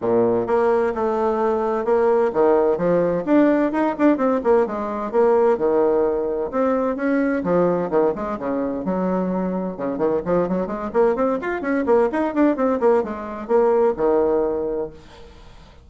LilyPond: \new Staff \with { instrumentName = "bassoon" } { \time 4/4 \tempo 4 = 129 ais,4 ais4 a2 | ais4 dis4 f4 d'4 | dis'8 d'8 c'8 ais8 gis4 ais4 | dis2 c'4 cis'4 |
f4 dis8 gis8 cis4 fis4~ | fis4 cis8 dis8 f8 fis8 gis8 ais8 | c'8 f'8 cis'8 ais8 dis'8 d'8 c'8 ais8 | gis4 ais4 dis2 | }